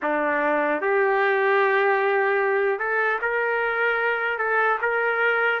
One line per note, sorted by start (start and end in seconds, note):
0.02 0.81 D4
0.81 2.79 G4
2.79 3.19 A4
3.21 4.38 A#4
4.38 4.78 A4
4.81 5.60 A#4